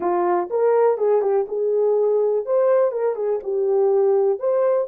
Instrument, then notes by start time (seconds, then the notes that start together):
horn
0.00 F4
0.50 A#4
0.97 G#4
1.21 G4
1.47 G#4
2.45 C5
2.91 A#4
3.15 G#4
3.43 G4
4.39 C5